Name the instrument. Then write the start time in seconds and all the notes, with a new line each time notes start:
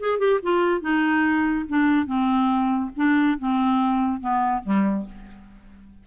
clarinet
0.00 G#4
0.19 G4
0.43 F4
0.81 D#4
1.69 D4
2.06 C4
2.97 D4
3.39 C4
4.21 B3
4.64 G3